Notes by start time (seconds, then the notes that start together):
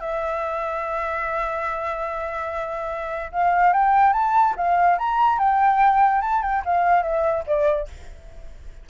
0.00 E5
3.31 F5
3.73 G5
4.13 A5
4.56 F5
4.98 A#5
5.38 G5
6.21 A5
6.42 G5
6.65 F5
7.02 E5
7.46 D5